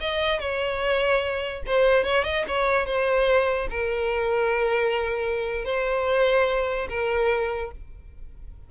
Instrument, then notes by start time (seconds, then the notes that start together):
violin
0.00 D#5
0.39 C#5
1.66 C5
2.04 C#5
2.24 D#5
2.48 C#5
2.86 C5
3.70 A#4
5.65 C5
6.89 A#4